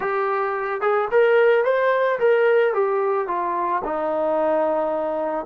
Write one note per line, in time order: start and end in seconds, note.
0.00 0.81 G4
0.81 1.08 G#4
1.11 1.64 A#4
1.64 2.18 C5
2.19 2.73 A#4
2.73 3.27 G4
3.27 3.82 F4
3.84 5.45 D#4